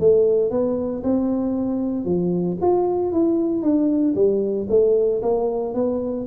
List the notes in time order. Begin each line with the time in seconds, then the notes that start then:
0.00 A3
0.51 B3
1.03 C4
2.05 F3
2.62 F4
3.12 E4
3.63 D4
4.15 G3
4.70 A3
5.22 A#3
5.74 B3